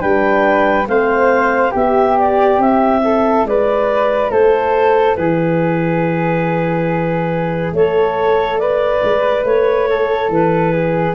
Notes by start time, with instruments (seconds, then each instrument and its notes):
0.00 tuba G3, horn D4, flute B4, clarinet G5
0.86 tuba A3, horn C4, flute C5, clarinet F5
1.71 tuba B3, flute G4, horn G4, clarinet E5
2.18 clarinet D5
2.58 tuba C4, horn E4, clarinet E5
3.04 flute A4
3.44 tuba G#3, flute B4, clarinet D5
4.30 tuba A3, flute A4, clarinet C5
5.15 tuba E3, flute G#4, clarinet B4
7.72 tuba A3, flute A4, clarinet C#5
8.59 flute B4, clarinet D5
9.03 tuba G#3
9.44 tuba A3, clarinet C#5
9.89 flute A4
10.28 tuba E3, clarinet B4
10.72 flute G#4